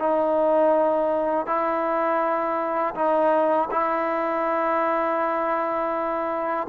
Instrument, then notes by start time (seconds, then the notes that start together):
trombone
0.00 D#4
1.47 E4
2.95 D#4
3.72 E4